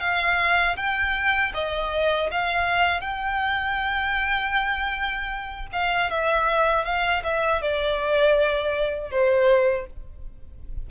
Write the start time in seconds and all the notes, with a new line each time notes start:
0.00 F5
0.76 G5
1.54 D#5
2.31 F5
3.01 G5
5.72 F5
6.10 E5
6.85 F5
7.24 E5
7.62 D5
9.11 C5